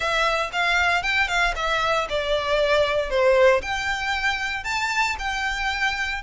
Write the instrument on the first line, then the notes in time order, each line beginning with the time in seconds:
violin
0.00 E5
0.52 F5
1.03 G5
1.28 F5
1.55 E5
2.09 D5
3.10 C5
3.62 G5
4.64 A5
5.18 G5